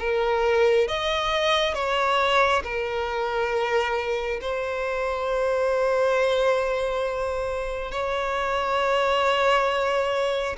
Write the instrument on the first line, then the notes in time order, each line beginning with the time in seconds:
violin
0.00 A#4
0.88 D#5
1.75 C#5
2.64 A#4
4.41 C5
7.92 C#5